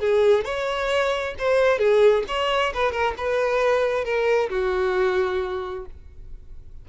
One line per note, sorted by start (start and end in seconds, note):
0.00 0.45 G#4
0.45 1.35 C#5
1.39 1.79 C5
1.79 2.24 G#4
2.28 2.73 C#5
2.74 2.92 B4
2.92 3.15 A#4
3.18 4.05 B4
4.05 4.50 A#4
4.50 5.86 F#4